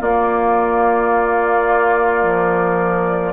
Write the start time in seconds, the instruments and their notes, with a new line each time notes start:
0.00 clarinet A#3, bassoon A#3, oboe F4, flute D5
2.23 clarinet F3